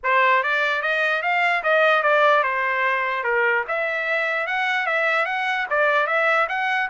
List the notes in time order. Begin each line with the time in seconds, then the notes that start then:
0.03 C5
0.43 D5
0.82 D#5
1.22 F5
1.63 D#5
2.02 D5
2.43 C5
3.23 A#4
3.68 E5
4.46 F#5
4.86 E5
5.25 F#5
5.69 D5
6.06 E5
6.48 F#5